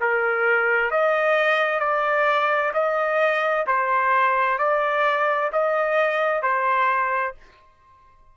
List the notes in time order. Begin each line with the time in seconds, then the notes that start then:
0.00 A#4
0.91 D#5
1.80 D5
2.74 D#5
3.66 C5
4.58 D5
5.52 D#5
6.42 C5